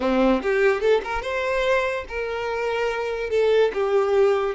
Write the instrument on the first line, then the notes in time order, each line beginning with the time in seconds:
violin
0.00 C4
0.42 G4
0.80 A4
1.04 A#4
1.22 C5
2.08 A#4
3.30 A4
3.73 G4